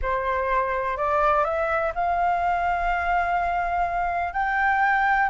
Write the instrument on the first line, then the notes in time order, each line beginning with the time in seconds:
flute
0.02 C5
0.97 D5
1.44 E5
1.94 F5
4.33 G5